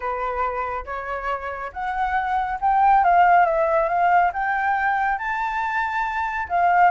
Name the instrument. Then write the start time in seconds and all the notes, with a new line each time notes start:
flute
0.00 B4
0.85 C#5
1.72 F#5
2.61 G5
3.04 F5
3.45 E5
3.88 F5
4.33 G5
5.18 A5
6.49 F5